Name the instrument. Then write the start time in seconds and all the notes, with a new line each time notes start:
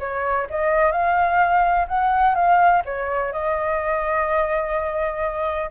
flute
0.00 C#5
0.50 D#5
0.92 F5
1.88 F#5
2.35 F5
2.85 C#5
3.33 D#5